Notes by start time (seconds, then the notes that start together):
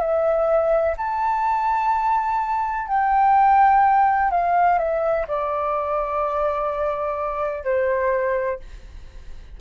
0.00 E5
0.97 A5
2.87 G5
4.30 F5
4.78 E5
5.27 D5
7.64 C5